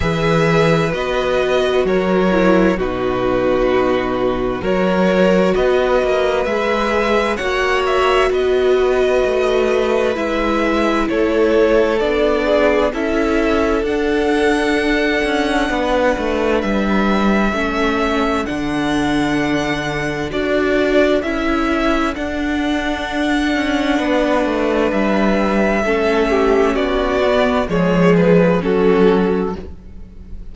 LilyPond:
<<
  \new Staff \with { instrumentName = "violin" } { \time 4/4 \tempo 4 = 65 e''4 dis''4 cis''4 b'4~ | b'4 cis''4 dis''4 e''4 | fis''8 e''8 dis''2 e''4 | cis''4 d''4 e''4 fis''4~ |
fis''2 e''2 | fis''2 d''4 e''4 | fis''2. e''4~ | e''4 d''4 cis''8 b'8 a'4 | }
  \new Staff \with { instrumentName = "violin" } { \time 4/4 b'2 ais'4 fis'4~ | fis'4 ais'4 b'2 | cis''4 b'2. | a'4. gis'8 a'2~ |
a'4 b'2 a'4~ | a'1~ | a'2 b'2 | a'8 g'8 fis'4 gis'4 fis'4 | }
  \new Staff \with { instrumentName = "viola" } { \time 4/4 gis'4 fis'4. e'8 dis'4~ | dis'4 fis'2 gis'4 | fis'2. e'4~ | e'4 d'4 e'4 d'4~ |
d'2. cis'4 | d'2 fis'4 e'4 | d'1 | cis'4. b8 gis4 cis'4 | }
  \new Staff \with { instrumentName = "cello" } { \time 4/4 e4 b4 fis4 b,4~ | b,4 fis4 b8 ais8 gis4 | ais4 b4 a4 gis4 | a4 b4 cis'4 d'4~ |
d'8 cis'8 b8 a8 g4 a4 | d2 d'4 cis'4 | d'4. cis'8 b8 a8 g4 | a4 b4 f4 fis4 | }
>>